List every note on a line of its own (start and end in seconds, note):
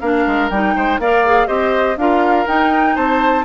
0.00 0.25 A#3
0.00 0.51 D4
0.00 0.74 A#4
0.00 0.49 F5
0.27 0.50 G#3
0.50 0.75 G3
0.50 1.01 D#4
0.50 0.99 G5
0.76 0.99 G#3
0.76 1.00 C5
0.99 1.48 A#3
0.99 1.26 A#4
0.99 1.47 D5
0.99 1.47 F5
1.26 1.47 G#4
1.47 1.97 C4
1.47 1.96 G4
1.47 1.97 C5
1.47 1.96 D#5
1.97 2.46 D4
1.97 2.46 F4
1.97 2.95 A#4
1.97 2.47 F5
2.46 3.44 D#4
2.46 2.96 D#4
2.46 2.96 G5
2.95 3.45 C4
2.95 3.44 C5
2.95 3.45 A5